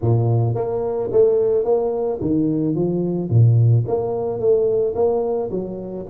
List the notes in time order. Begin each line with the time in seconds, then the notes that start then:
0.01 A#2
0.55 A#3
1.12 A3
1.64 A#3
2.21 D#3
2.75 F3
3.29 A#2
3.87 A#3
4.39 A3
4.95 A#3
5.50 F#3